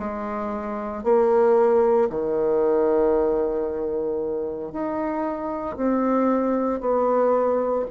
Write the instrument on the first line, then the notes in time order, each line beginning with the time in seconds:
bassoon
0.00 G#3
1.04 A#3
2.10 D#3
4.73 D#4
5.77 C4
6.81 B3